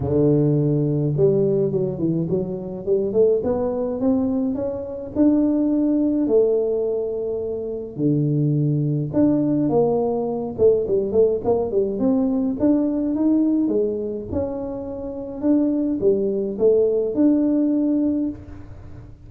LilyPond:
\new Staff \with { instrumentName = "tuba" } { \time 4/4 \tempo 4 = 105 d2 g4 fis8 e8 | fis4 g8 a8 b4 c'4 | cis'4 d'2 a4~ | a2 d2 |
d'4 ais4. a8 g8 a8 | ais8 g8 c'4 d'4 dis'4 | gis4 cis'2 d'4 | g4 a4 d'2 | }